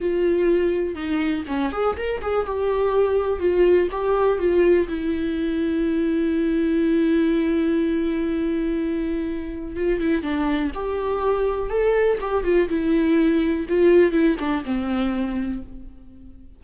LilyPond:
\new Staff \with { instrumentName = "viola" } { \time 4/4 \tempo 4 = 123 f'2 dis'4 cis'8 gis'8 | ais'8 gis'8 g'2 f'4 | g'4 f'4 e'2~ | e'1~ |
e'1 | f'8 e'8 d'4 g'2 | a'4 g'8 f'8 e'2 | f'4 e'8 d'8 c'2 | }